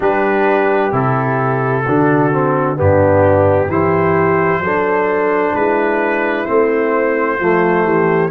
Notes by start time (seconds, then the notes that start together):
0.00 G3 D4 G4 B4
0.91 C3 E4 A4
1.84 D3 D4 F#4
2.32 C4
2.76 G2 B3 D4 G4
3.67 E3 E4 G4 C5
4.59 F#3 D4 A4
5.53 G#3 E4 B4
6.45 A3 C4 C5
7.39 F3 A3 F4
7.84 E3 G4